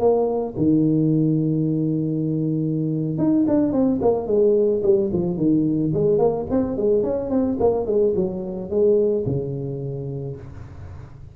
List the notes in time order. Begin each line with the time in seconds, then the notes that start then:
0.00 A#3
0.57 D#3
3.19 D#4
3.48 D4
3.73 C4
4.02 A#3
4.27 G#3
4.83 G3
5.13 F3
5.37 D#3
5.94 G#3
6.19 A#3
6.51 C4
6.77 G#3
7.04 C#4
7.30 C4
7.60 A#3
7.86 G#3
8.16 F#3
8.70 G#3
9.26 C#3